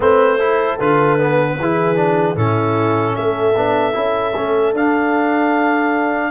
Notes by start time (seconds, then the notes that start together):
0.00 A3 C4 B4 C5
0.38 E4 A4
0.79 D3 F4 B4
1.19 B3
1.59 E3 E4 G#4
1.95 D4
2.35 A2 C#4 E4 A4
3.15 A3 A4 E5
3.54 B3 D4
3.92 C#4 E4
4.36 A3 C#4
4.73 D4 F5